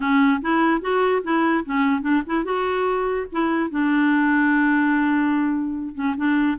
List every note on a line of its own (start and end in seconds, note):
0.00 0.41 C#4
0.41 0.81 E4
0.81 1.22 F#4
1.23 1.64 E4
1.65 2.01 C#4
2.01 2.22 D4
2.26 2.44 E4
2.44 3.26 F#4
3.32 3.70 E4
3.70 5.94 D4
5.94 6.15 C#4
6.16 6.58 D4